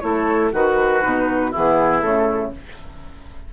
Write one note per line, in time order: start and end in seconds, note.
0.00 0.53 A3
0.00 0.52 E4
0.00 0.53 A4
0.00 0.50 C#5
0.53 1.03 D#3
0.53 1.01 F#4
0.53 1.51 F#4
0.53 1.54 B4
1.01 1.54 B2
1.01 1.51 D#4
1.51 2.03 E3
1.51 2.01 B3
1.51 2.51 E4
1.51 2.01 G#4
2.01 2.53 C#3
2.01 2.51 A3
2.01 2.51 A4